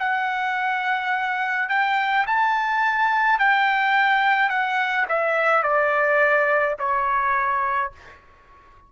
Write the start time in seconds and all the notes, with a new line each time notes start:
0.00 F#5
1.69 G5
2.27 A5
3.40 G5
4.50 F#5
5.09 E5
5.63 D5
6.79 C#5